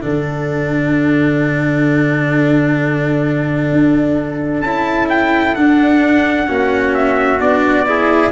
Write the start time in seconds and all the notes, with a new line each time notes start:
0.00 D3 D4 A4 F#5
3.72 D4
4.61 C#4 E4 A5
5.09 G5
5.55 D4 F#5
6.47 A#3 C#4 F#4
6.94 E5
7.40 B3 D4 D5
7.86 E4 G#4